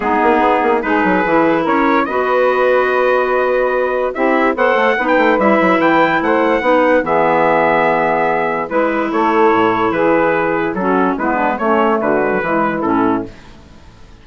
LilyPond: <<
  \new Staff \with { instrumentName = "trumpet" } { \time 4/4 \tempo 4 = 145 gis'2 b'2 | cis''4 dis''2.~ | dis''2 e''4 fis''4~ | fis''16 g''8. e''4 g''4 fis''4~ |
fis''4 e''2.~ | e''4 b'4 cis''2 | b'2 a'4 b'4 | cis''4 b'2 a'4 | }
  \new Staff \with { instrumentName = "saxophone" } { \time 4/4 dis'2 gis'2 | ais'4 b'2.~ | b'2 g'4 c''4 | b'2. c''4 |
b'4 gis'2.~ | gis'4 b'4 a'2 | gis'2 fis'4 e'8 d'8 | cis'4 fis'4 e'2 | }
  \new Staff \with { instrumentName = "clarinet" } { \time 4/4 b2 dis'4 e'4~ | e'4 fis'2.~ | fis'2 e'4 a'4 | dis'4 e'2. |
dis'4 b2.~ | b4 e'2.~ | e'2 cis'4 b4 | a4. gis16 fis16 gis4 cis'4 | }
  \new Staff \with { instrumentName = "bassoon" } { \time 4/4 gis8 ais8 b8 ais8 gis8 fis8 e4 | cis'4 b2.~ | b2 c'4 b8 a8 | b8 a8 g8 fis8 e4 a4 |
b4 e2.~ | e4 gis4 a4 a,4 | e2 fis4 gis4 | a4 d4 e4 a,4 | }
>>